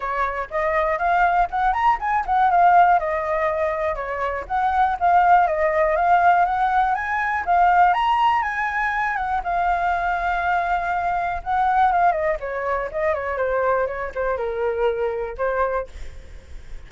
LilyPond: \new Staff \with { instrumentName = "flute" } { \time 4/4 \tempo 4 = 121 cis''4 dis''4 f''4 fis''8 ais''8 | gis''8 fis''8 f''4 dis''2 | cis''4 fis''4 f''4 dis''4 | f''4 fis''4 gis''4 f''4 |
ais''4 gis''4. fis''8 f''4~ | f''2. fis''4 | f''8 dis''8 cis''4 dis''8 cis''8 c''4 | cis''8 c''8 ais'2 c''4 | }